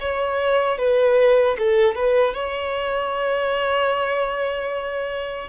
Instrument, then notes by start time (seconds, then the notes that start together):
violin
0.00 C#5
0.78 B4
1.58 A4
1.95 B4
2.34 C#5